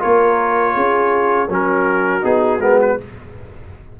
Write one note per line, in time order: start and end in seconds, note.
0.00 0.76 A#3
0.00 1.48 F4
0.00 0.74 A#4
0.00 1.51 C#5
0.74 1.49 C#4
0.74 1.48 G#4
1.49 2.23 F#3
1.49 2.22 C#4
1.49 3.00 F#4
1.49 2.25 A#4
2.22 2.60 B3
2.22 2.59 D#4
2.22 2.61 G#4
2.60 2.97 G#3
2.60 2.98 B3
2.60 2.79 A#4
2.82 3.00 B4